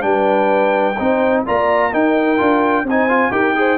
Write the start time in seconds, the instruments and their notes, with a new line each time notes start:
0.00 tuba G3, trombone D4, horn B4, trumpet G5
0.97 tuba C4, trombone D#4, horn C5
1.46 tuba A#3, trombone F4, horn D5, trumpet A#5
1.90 trombone D#4, tuba D#4, horn A#4, trumpet G5
2.37 tuba D4, trombone F4
2.83 tuba C4, horn C5, trumpet G#5
2.90 trombone D#4
3.08 trombone F4
3.31 tuba D#4, trombone G4, horn A#4, trumpet G5
3.55 trombone G#4, horn C5